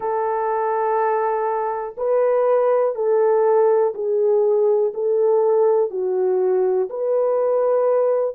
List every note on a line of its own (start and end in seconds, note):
0.00 1.94 A4
1.97 2.95 B4
2.95 3.93 A4
3.94 4.92 G#4
4.94 5.90 A4
5.90 6.89 F#4
6.89 8.35 B4